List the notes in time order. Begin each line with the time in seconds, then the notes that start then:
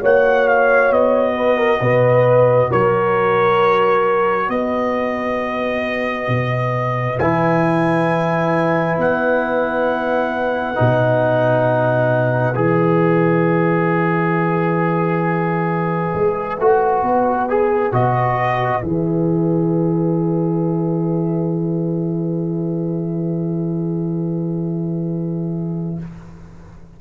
0.00 A#3 F#4 C#5 F#5
0.48 F5
0.91 B3 D#5
1.36 B4
1.57 A#4
1.81 B2 B4
2.71 F#3 A#4 C#5
4.49 B3 B4 D#5
6.28 B2
7.18 E3 E4 G#5
8.97 B3 F#5
10.75 B2 D#4
12.55 E3 G#4 E5
16.14 G#3
16.59 A3 F#4
17.02 B3
17.49 G#4
17.92 B2 F#4 D#5
18.81 E3 G#4 E5